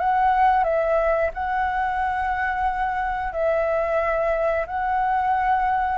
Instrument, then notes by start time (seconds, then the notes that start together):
flute
0.00 F#5
0.64 E5
1.34 F#5
3.32 E5
4.67 F#5